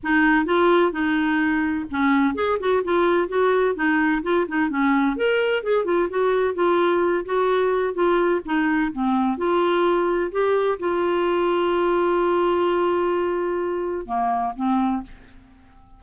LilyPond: \new Staff \with { instrumentName = "clarinet" } { \time 4/4 \tempo 4 = 128 dis'4 f'4 dis'2 | cis'4 gis'8 fis'8 f'4 fis'4 | dis'4 f'8 dis'8 cis'4 ais'4 | gis'8 f'8 fis'4 f'4. fis'8~ |
fis'4 f'4 dis'4 c'4 | f'2 g'4 f'4~ | f'1~ | f'2 ais4 c'4 | }